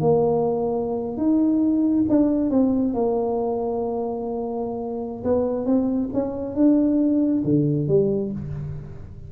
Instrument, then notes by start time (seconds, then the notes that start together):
tuba
0.00 A#3
1.17 D#4
2.09 D4
2.50 C4
2.94 A#3
5.24 B3
5.66 C4
6.13 C#4
6.55 D4
7.45 D3
7.88 G3